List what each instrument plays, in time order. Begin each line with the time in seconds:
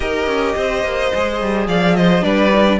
0.00 cello D#4, viola G4, violin A#4 D#5
0.27 cello C#4
0.55 cello C4, violin C5
0.83 cello A#3
1.14 cello G#3, viola G#4
1.41 cello G3
1.67 cello F3, violin D5 F5
1.96 violin C5 D#5
2.21 cello G3, viola D4, violin B4 D5
2.53 viola D#4
2.67 viola D4